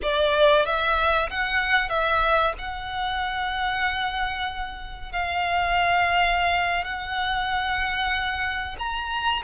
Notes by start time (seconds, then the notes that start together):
0.02 D5
0.65 E5
1.30 F#5
1.89 E5
2.58 F#5
5.12 F5
6.84 F#5
8.78 A#5